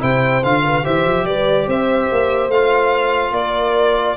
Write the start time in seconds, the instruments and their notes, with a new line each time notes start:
0.00 tuba C3, trombone E4, horn C5, violin G5
0.44 tuba D3, trombone F4, violin F5
0.64 horn B4
0.84 tuba E3, trombone G4, horn C5, violin E5
1.06 tuba F3
1.24 tuba G3, horn B4, violin D5
1.68 tuba C4, horn C5, violin E5
2.12 tuba A#3
2.49 tuba A3, trombone F4, violin F5
3.32 tuba A#3, horn A#4, violin D5